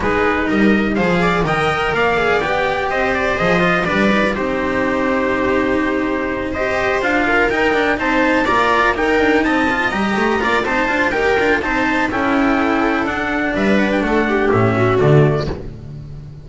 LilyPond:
<<
  \new Staff \with { instrumentName = "trumpet" } { \time 4/4 \tempo 4 = 124 b'4 dis''4 f''4 g''4 | f''4 g''4 dis''8 d''8 dis''4 | d''4 c''2.~ | c''4. dis''4 f''4 g''8~ |
g''8 a''4 ais''4 g''4 a''8~ | a''8 ais''4. a''4 g''4 | a''4 g''2 fis''4 | e''8 fis''16 g''16 fis''4 e''4 d''4 | }
  \new Staff \with { instrumentName = "viola" } { \time 4/4 gis'4 ais'4 c''8 d''8 dis''4 | d''2 c''2 | b'4 g'2.~ | g'4. c''4. ais'4~ |
ais'8 c''4 d''4 ais'4 dis''8~ | dis''4. d''8 c''4 ais'4 | c''4 a'2. | b'4 a'8 g'4 fis'4. | }
  \new Staff \with { instrumentName = "cello" } { \time 4/4 dis'2 gis'4 ais'4~ | ais'8 gis'8 g'2 gis'8 f'8 | d'8 dis'16 f'16 dis'2.~ | dis'4. g'4 f'4 dis'8 |
d'8 dis'4 f'4 dis'4. | f'8 g'4 f'8 dis'8 f'8 g'8 f'8 | dis'4 e'2 d'4~ | d'2 cis'4 a4 | }
  \new Staff \with { instrumentName = "double bass" } { \time 4/4 gis4 g4 f4 dis4 | ais4 b4 c'4 f4 | g4 c'2.~ | c'2~ c'8 d'4 dis'8~ |
dis'8 c'4 ais4 dis'8 d'8 c'8~ | c'8 g8 a8 ais8 c'8 d'8 dis'8 d'8 | c'4 cis'2 d'4 | g4 a4 a,4 d4 | }
>>